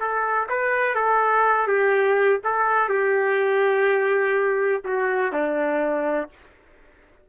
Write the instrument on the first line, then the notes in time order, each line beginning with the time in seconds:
trumpet
0.00 A4
0.49 B4
0.95 A4
1.68 G4
2.44 A4
2.89 G4
4.85 F#4
5.32 D4